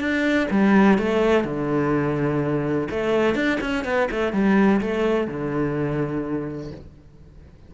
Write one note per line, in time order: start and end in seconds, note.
0.00 0.48 D4
0.50 0.98 G3
0.98 1.44 A3
1.44 2.88 D3
2.91 3.35 A3
3.35 3.59 D4
3.61 3.84 C#4
3.84 4.08 B3
4.11 4.33 A3
4.33 4.81 G3
4.81 5.27 A3
5.27 6.71 D3